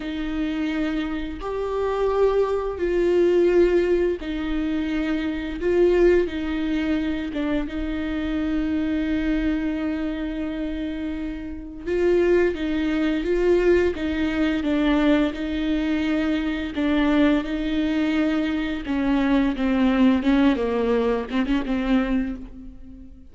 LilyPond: \new Staff \with { instrumentName = "viola" } { \time 4/4 \tempo 4 = 86 dis'2 g'2 | f'2 dis'2 | f'4 dis'4. d'8 dis'4~ | dis'1~ |
dis'4 f'4 dis'4 f'4 | dis'4 d'4 dis'2 | d'4 dis'2 cis'4 | c'4 cis'8 ais4 c'16 cis'16 c'4 | }